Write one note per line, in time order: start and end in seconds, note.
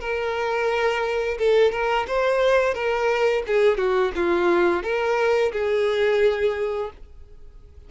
0.00 1.38 A#4
1.38 1.72 A4
1.72 2.06 A#4
2.08 2.74 C5
2.74 3.43 A#4
3.47 3.77 G#4
3.77 4.12 F#4
4.15 4.83 F4
4.83 5.52 A#4
5.52 6.90 G#4